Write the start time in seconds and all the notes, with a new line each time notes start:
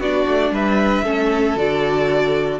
0.00 B3 D4 F#4 D5
0.28 A3
0.51 G3 B4 E5
1.04 A3 C#4 A4
1.56 D3 F#4 D5